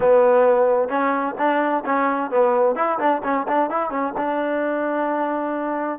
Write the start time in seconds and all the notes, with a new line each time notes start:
0.00 B3
0.88 C#4
1.37 D4
1.85 C#4
2.30 B3
2.75 E4
2.99 D4
3.23 C#4
3.48 D4
3.70 E4
3.90 C#4
4.17 D4